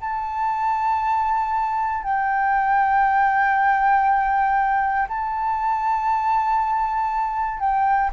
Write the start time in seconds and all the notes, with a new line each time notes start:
0.00 A5
2.02 G5
5.08 A5
7.59 G5